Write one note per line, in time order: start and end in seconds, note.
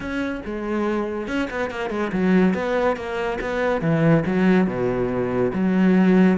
0.00 0.41 C#4
0.45 1.27 G#3
1.27 1.49 C#4
1.50 1.70 B3
1.70 1.90 A#3
1.90 2.11 G#3
2.12 2.53 F#3
2.53 2.96 B3
2.96 3.38 A#3
3.40 3.81 B3
3.81 4.23 E3
4.26 4.66 F#3
4.66 5.51 B2
5.53 6.38 F#3